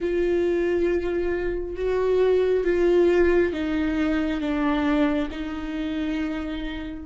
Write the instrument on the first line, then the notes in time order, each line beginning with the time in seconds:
viola
0.00 F4
1.76 F#4
2.64 F4
3.53 D#4
4.40 D4
5.31 D#4